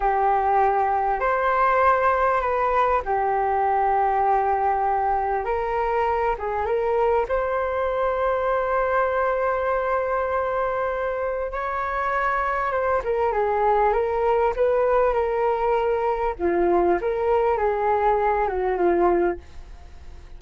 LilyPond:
\new Staff \with { instrumentName = "flute" } { \time 4/4 \tempo 4 = 99 g'2 c''2 | b'4 g'2.~ | g'4 ais'4. gis'8 ais'4 | c''1~ |
c''2. cis''4~ | cis''4 c''8 ais'8 gis'4 ais'4 | b'4 ais'2 f'4 | ais'4 gis'4. fis'8 f'4 | }